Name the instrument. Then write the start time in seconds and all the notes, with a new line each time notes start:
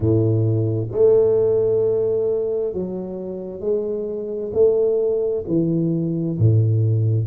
tuba
0.00 A2
0.91 A3
2.73 F#3
3.60 G#3
4.52 A3
5.47 E3
6.38 A2